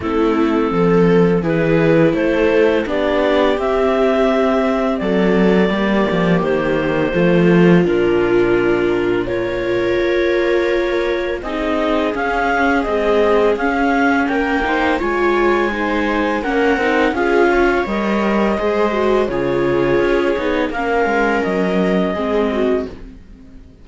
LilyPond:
<<
  \new Staff \with { instrumentName = "clarinet" } { \time 4/4 \tempo 4 = 84 a'2 b'4 c''4 | d''4 e''2 d''4~ | d''4 c''2 ais'4~ | ais'4 cis''2. |
dis''4 f''4 dis''4 f''4 | g''4 gis''2 fis''4 | f''4 dis''2 cis''4~ | cis''4 f''4 dis''2 | }
  \new Staff \with { instrumentName = "viola" } { \time 4/4 e'4 a'4 gis'4 a'4 | g'2. a'4 | g'2 f'2~ | f'4 ais'2. |
gis'1 | ais'8 c''8 cis''4 c''4 ais'4 | gis'8 cis''4. c''4 gis'4~ | gis'4 ais'2 gis'8 fis'8 | }
  \new Staff \with { instrumentName = "viola" } { \time 4/4 c'2 e'2 | d'4 c'2. | ais2 a4 d'4~ | d'4 f'2. |
dis'4 cis'4 gis4 cis'4~ | cis'8 dis'8 f'4 dis'4 cis'8 dis'8 | f'4 ais'4 gis'8 fis'8 f'4~ | f'8 dis'8 cis'2 c'4 | }
  \new Staff \with { instrumentName = "cello" } { \time 4/4 a4 f4 e4 a4 | b4 c'2 fis4 | g8 f8 dis4 f4 ais,4~ | ais,2 ais2 |
c'4 cis'4 c'4 cis'4 | ais4 gis2 ais8 c'8 | cis'4 g4 gis4 cis4 | cis'8 b8 ais8 gis8 fis4 gis4 | }
>>